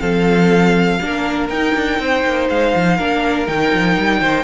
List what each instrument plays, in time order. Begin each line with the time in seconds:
0.00 cello F3, viola C4, violin A4 F5
1.01 cello A#3, viola D4, violin A#4
1.49 cello D#4, viola D#4, violin G5
1.75 cello D4
1.98 cello C4, violin C5
2.24 cello A#3
2.49 cello G#3, violin F5
2.75 cello F3
2.97 cello A#3, viola D4, violin A#4
3.46 cello D#3, viola D#4, violin G5
3.73 cello F3
3.97 cello G3
4.20 cello D#3, violin C5